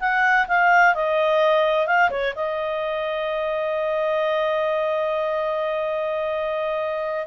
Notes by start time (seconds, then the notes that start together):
0.00 F#5
0.48 F5
0.95 D#5
1.87 F5
2.11 C#5
2.36 D#5